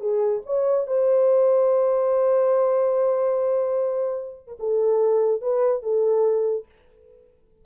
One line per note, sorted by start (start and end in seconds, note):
0.00 0.41 G#4
0.46 0.87 C#5
0.87 4.47 C5
4.47 4.57 A#4
4.59 5.41 A4
5.41 5.83 B4
5.83 6.65 A4